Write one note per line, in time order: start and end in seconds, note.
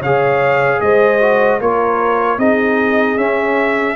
0.00 0.80 C#3
0.00 1.21 G#4
0.00 0.79 C#5
0.00 0.81 F5
0.81 1.61 G#3
0.81 1.61 C5
0.81 1.60 D#5
1.21 1.60 F#4
1.61 2.38 A#3
1.61 2.39 F4
1.61 2.39 A#4
1.61 2.39 C#5
2.38 3.17 C4
2.38 3.18 D#4
2.38 3.96 G#4
2.38 3.18 D#5
3.17 3.96 C#4
3.17 3.96 E5